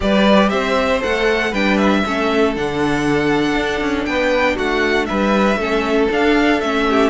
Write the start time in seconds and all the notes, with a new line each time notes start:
0.00 G3 G4 B4 D5
0.49 C4 C5 E5
1.00 A3 A4 F#5
1.51 G3 D4 B4 G5
1.77 E5
2.06 A3 C#4 A4
2.55 D3 D4 F#5
3.55 D4
3.81 C#4
4.05 B3 B4 G5
4.55 A3 F#4 F#5
5.06 G3 B4 E5
5.56 A3 C#4 A4
6.10 D4 F5
6.60 A3 C#4 E5
6.89 G4